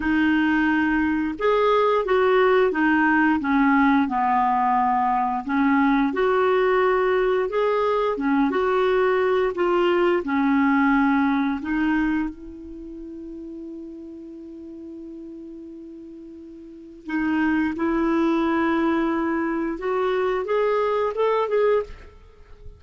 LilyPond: \new Staff \with { instrumentName = "clarinet" } { \time 4/4 \tempo 4 = 88 dis'2 gis'4 fis'4 | dis'4 cis'4 b2 | cis'4 fis'2 gis'4 | cis'8 fis'4. f'4 cis'4~ |
cis'4 dis'4 e'2~ | e'1~ | e'4 dis'4 e'2~ | e'4 fis'4 gis'4 a'8 gis'8 | }